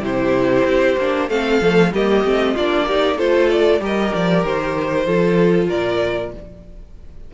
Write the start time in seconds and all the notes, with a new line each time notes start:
0.00 C3 E4 G4 C5
0.64 C4
0.97 A#3 D4
1.29 A3 C4 A4 F5
1.61 F3 A3
1.92 G3 A#3 G4 D#5
2.24 A3 C4
2.54 A#3 D4 F4 D5
2.87 D#4 G4
3.17 A3 F4 A4 C5
3.50 D5
3.79 G3 G4 A#4
3.85 D#5
4.14 F3 D5
4.43 D#3 C5
5.06 F3 F4 A4
5.67 A#2 A#4 D5